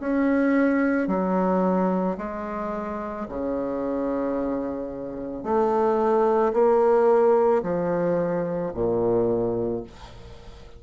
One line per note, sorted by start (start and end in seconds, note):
0.00 1.08 C#4
1.08 2.17 F#3
2.18 3.27 G#3
3.29 5.43 C#3
5.43 6.53 A3
6.53 7.62 A#3
7.63 8.72 F3
8.74 9.83 A#2